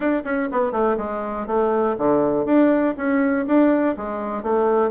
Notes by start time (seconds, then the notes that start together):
0.00 D4
0.24 C#4
0.51 B3
0.71 A3
0.97 G#3
1.46 A3
1.97 D3
2.45 D4
2.97 C#4
3.46 D4
3.96 G#3
4.42 A3